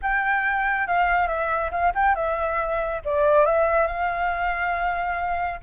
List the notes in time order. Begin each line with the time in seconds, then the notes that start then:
0.02 G5
0.87 F5
1.27 E5
1.71 F5
1.94 G5
2.15 E5
3.04 D5
3.45 E5
3.87 F5